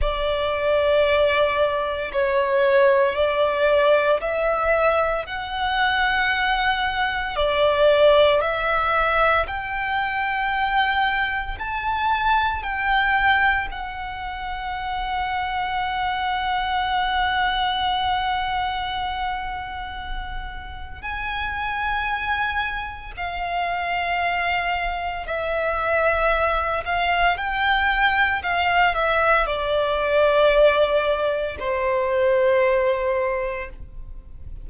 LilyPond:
\new Staff \with { instrumentName = "violin" } { \time 4/4 \tempo 4 = 57 d''2 cis''4 d''4 | e''4 fis''2 d''4 | e''4 g''2 a''4 | g''4 fis''2.~ |
fis''1 | gis''2 f''2 | e''4. f''8 g''4 f''8 e''8 | d''2 c''2 | }